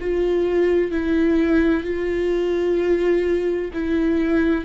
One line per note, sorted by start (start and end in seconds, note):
0.00 0.91 F4
0.91 1.84 E4
1.84 3.71 F4
3.73 4.64 E4